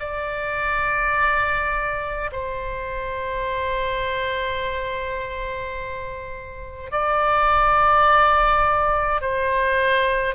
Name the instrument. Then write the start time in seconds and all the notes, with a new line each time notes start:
oboe
0.00 D5
2.32 C5
6.92 D5
9.22 C5